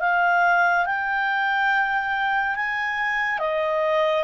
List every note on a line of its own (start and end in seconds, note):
0.00 0.86 F5
0.86 2.55 G5
2.55 3.39 G#5
3.39 4.24 D#5